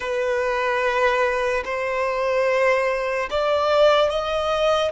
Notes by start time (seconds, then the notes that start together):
0.00 B4
1.64 C5
3.30 D5
4.09 D#5